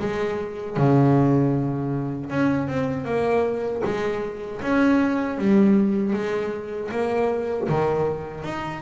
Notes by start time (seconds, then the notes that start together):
0.00 G#3
0.77 C#3
2.30 C#4
2.67 C4
3.05 A#3
3.85 G#3
4.62 C#4
5.38 G3
6.13 G#3
6.91 A#3
7.69 D#3
8.44 D#4